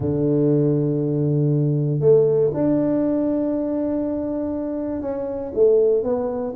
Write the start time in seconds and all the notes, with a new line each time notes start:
0.00 D3
1.99 A3
2.53 D4
5.01 C#4
5.54 A3
6.03 B3